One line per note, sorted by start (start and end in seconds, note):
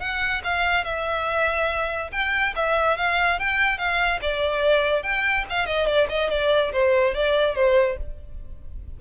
0.00 0.42 F#5
0.45 0.85 F5
0.85 2.11 E5
2.13 2.55 G5
2.56 2.98 E5
2.98 3.39 F5
3.39 3.78 G5
3.78 4.20 F5
4.22 5.03 D5
5.03 5.45 G5
5.50 5.66 F5
5.66 5.87 D#5
5.87 6.08 D5
6.10 6.31 D#5
6.31 6.72 D5
6.73 7.15 C5
7.15 7.55 D5
7.55 7.97 C5